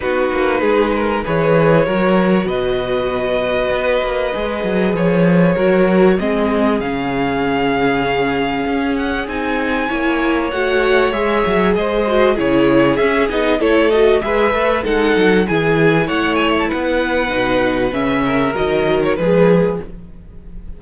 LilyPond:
<<
  \new Staff \with { instrumentName = "violin" } { \time 4/4 \tempo 4 = 97 b'2 cis''2 | dis''1 | cis''2 dis''4 f''4~ | f''2~ f''8 fis''8 gis''4~ |
gis''4 fis''4 e''4 dis''4 | cis''4 e''8 dis''8 cis''8 dis''8 e''4 | fis''4 gis''4 fis''8 gis''16 a''16 fis''4~ | fis''4 e''4 dis''8. cis''16 b'4 | }
  \new Staff \with { instrumentName = "violin" } { \time 4/4 fis'4 gis'8 ais'8 b'4 ais'4 | b'1~ | b'4 ais'4 gis'2~ | gis'1 |
cis''2. c''4 | gis'2 a'4 b'4 | a'4 gis'4 cis''4 b'4~ | b'4. ais'4. gis'4 | }
  \new Staff \with { instrumentName = "viola" } { \time 4/4 dis'2 gis'4 fis'4~ | fis'2. gis'4~ | gis'4 fis'4 c'4 cis'4~ | cis'2. dis'4 |
e'4 fis'4 gis'4. fis'8 | e'4 cis'8 dis'8 e'8 fis'8 gis'8 a'8 | dis'4 e'2. | dis'4 cis'4 fis4 gis4 | }
  \new Staff \with { instrumentName = "cello" } { \time 4/4 b8 ais8 gis4 e4 fis4 | b,2 b8 ais8 gis8 fis8 | f4 fis4 gis4 cis4~ | cis2 cis'4 c'4 |
ais4 a4 gis8 fis8 gis4 | cis4 cis'8 b8 a4 gis8 a8 | gis8 fis8 e4 a4 b4 | b,4 cis4 dis4 f4 | }
>>